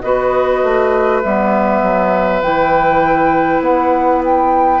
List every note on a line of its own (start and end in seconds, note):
0.00 0.63 B3
0.00 1.23 F#4
0.00 4.80 B4
0.00 1.20 D#5
0.63 1.23 A3
1.22 1.82 G3
1.22 2.43 B3
1.22 2.41 E5
1.82 2.42 F#3
2.41 3.60 E3
2.41 4.80 E4
2.41 3.61 G5
3.60 4.79 B3
3.60 4.22 F#5
4.24 4.80 G5